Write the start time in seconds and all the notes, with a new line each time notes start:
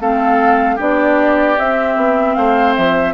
0.00 A3 C4 A4 F5
0.75 B3 D4 G4 D5
1.58 C4 E5
1.96 B3
2.35 A3 C5 F5
2.75 F3 E5